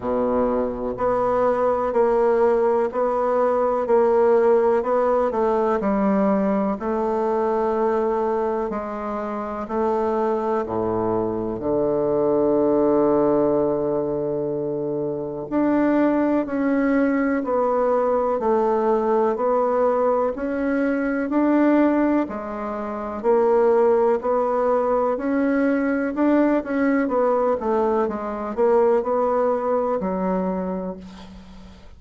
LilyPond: \new Staff \with { instrumentName = "bassoon" } { \time 4/4 \tempo 4 = 62 b,4 b4 ais4 b4 | ais4 b8 a8 g4 a4~ | a4 gis4 a4 a,4 | d1 |
d'4 cis'4 b4 a4 | b4 cis'4 d'4 gis4 | ais4 b4 cis'4 d'8 cis'8 | b8 a8 gis8 ais8 b4 fis4 | }